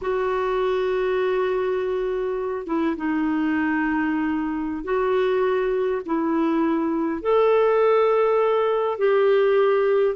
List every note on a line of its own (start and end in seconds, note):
0.01 2.66 F#4
2.66 2.96 E4
2.96 4.84 D#4
4.84 6.01 F#4
6.05 7.21 E4
7.21 8.98 A4
8.98 10.15 G4